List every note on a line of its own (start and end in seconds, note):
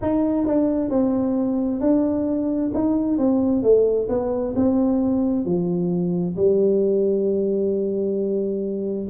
0.01 0.46 D#4
0.46 0.90 D4
0.90 1.80 C4
1.80 2.71 D4
2.74 3.18 D#4
3.18 3.62 C4
3.62 4.08 A3
4.09 4.54 B3
4.55 5.45 C4
5.45 6.36 F3
6.36 9.09 G3